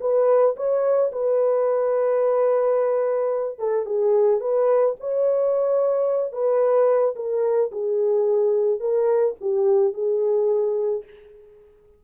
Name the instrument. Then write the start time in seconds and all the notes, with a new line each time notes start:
horn
0.00 B4
0.56 C#5
1.11 B4
3.58 A4
3.85 G#4
4.40 B4
5.00 C#5
6.32 B4
7.15 A#4
7.71 G#4
8.80 A#4
9.40 G4
9.93 G#4